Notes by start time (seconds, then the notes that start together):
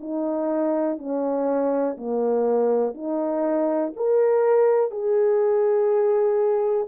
0.00 D#4
0.98 C#4
1.97 A#3
2.94 D#4
3.96 A#4
4.91 G#4